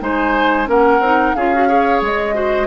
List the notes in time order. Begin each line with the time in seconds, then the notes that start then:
0.00 G#3 D#4 C5 G#5
0.67 A#3 C#4 A#4 F#5
1.00 C4 D#4
1.35 C#4 F4 G#4 F5
1.54 F#4
1.68 G#4 C#5
2.02 G#3 D#5
2.33 F#4 C5